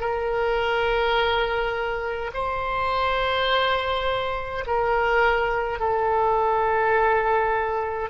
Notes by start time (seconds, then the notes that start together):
0.00 A#4
2.33 C5
4.66 A#4
5.79 A4